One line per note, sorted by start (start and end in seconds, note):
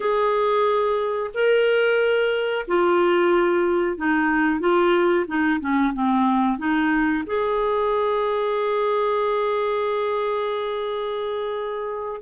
0.00 1.30 G#4
1.34 2.66 A#4
2.67 3.97 F4
3.97 4.60 D#4
4.60 5.26 F4
5.27 5.60 D#4
5.60 5.93 C#4
5.93 6.58 C4
6.58 7.23 D#4
7.26 12.21 G#4